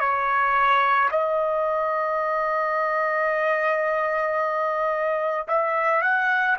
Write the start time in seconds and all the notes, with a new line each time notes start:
0.00 C#5
1.11 D#5
5.48 E5
6.02 F#5